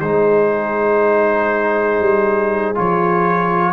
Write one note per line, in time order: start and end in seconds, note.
0.00 2.00 G#3
0.00 2.75 D#4
0.00 3.73 G#4
0.00 2.75 C5
2.00 2.75 G3
2.75 3.73 F3
2.75 3.73 F4
2.75 3.73 C#5